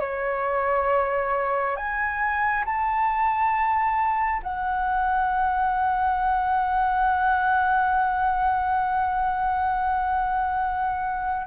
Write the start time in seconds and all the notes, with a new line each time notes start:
0.00 C#5
1.76 G#5
2.65 A5
4.43 F#5